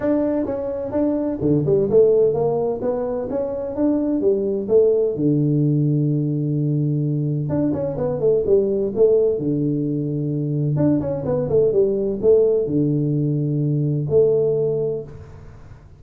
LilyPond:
\new Staff \with { instrumentName = "tuba" } { \time 4/4 \tempo 4 = 128 d'4 cis'4 d'4 d8 g8 | a4 ais4 b4 cis'4 | d'4 g4 a4 d4~ | d1 |
d'8 cis'8 b8 a8 g4 a4 | d2. d'8 cis'8 | b8 a8 g4 a4 d4~ | d2 a2 | }